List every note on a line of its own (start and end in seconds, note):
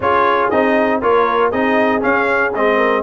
0.00 0.50 C#4
0.00 0.52 F4
0.00 1.01 G#4
0.00 0.50 C#5
0.50 1.02 C4
0.50 1.01 D#4
0.50 1.01 D#5
1.01 1.52 A#3
1.01 1.52 F4
1.01 1.50 A#4
1.01 1.51 C#5
1.50 2.03 C4
1.50 2.00 D#4
1.50 2.76 G#4
1.50 2.02 D#5
2.00 2.51 C#4
2.00 2.55 C#4
2.00 2.53 F5
2.54 3.03 G#3
2.54 3.03 C4
2.54 3.03 D#5
2.76 3.02 A#4